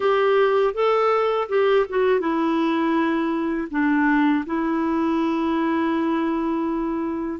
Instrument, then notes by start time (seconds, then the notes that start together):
clarinet
0.00 G4
0.74 A4
1.48 G4
1.89 F#4
2.20 E4
3.70 D4
4.46 E4